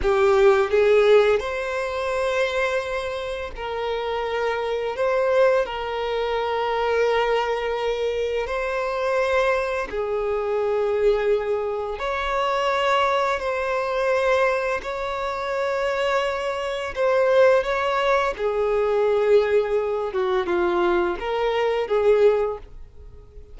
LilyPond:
\new Staff \with { instrumentName = "violin" } { \time 4/4 \tempo 4 = 85 g'4 gis'4 c''2~ | c''4 ais'2 c''4 | ais'1 | c''2 gis'2~ |
gis'4 cis''2 c''4~ | c''4 cis''2. | c''4 cis''4 gis'2~ | gis'8 fis'8 f'4 ais'4 gis'4 | }